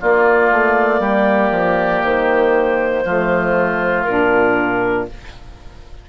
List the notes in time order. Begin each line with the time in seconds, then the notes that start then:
0.00 A#3 F4 D5
0.51 A3
0.99 G3 G4
1.51 F3
2.04 D#3 C5
3.04 F3 A3 F4
4.03 A#2 D4 A#4